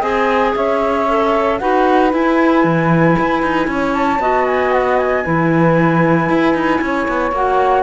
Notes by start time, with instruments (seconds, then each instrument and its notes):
0.00 cello C4, clarinet G#4, saxophone D#5, flute G#5
0.55 cello C#4, saxophone C#5, flute E5
1.09 clarinet A4
1.59 cello D#4, clarinet F#4, saxophone B4, flute F#5
2.11 clarinet E4, cello E4, flute G#5
2.64 cello E3
3.19 cello E4
3.43 cello D#4
3.67 cello C#4, saxophone C#5
3.94 flute A5
4.20 cello B3, clarinet F#4, saxophone D#5
4.46 flute G#5
4.73 flute F#5
4.98 flute G#5
5.25 cello E3, clarinet E4, saxophone B4
6.29 cello E4
6.54 cello D#4
6.82 cello C#4, saxophone C#5
7.08 cello B3
7.32 cello A#3, clarinet F#4, flute F#5